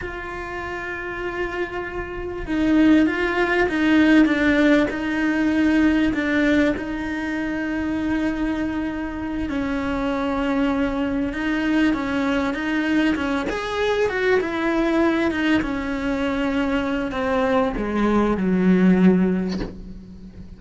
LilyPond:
\new Staff \with { instrumentName = "cello" } { \time 4/4 \tempo 4 = 98 f'1 | dis'4 f'4 dis'4 d'4 | dis'2 d'4 dis'4~ | dis'2.~ dis'8 cis'8~ |
cis'2~ cis'8 dis'4 cis'8~ | cis'8 dis'4 cis'8 gis'4 fis'8 e'8~ | e'4 dis'8 cis'2~ cis'8 | c'4 gis4 fis2 | }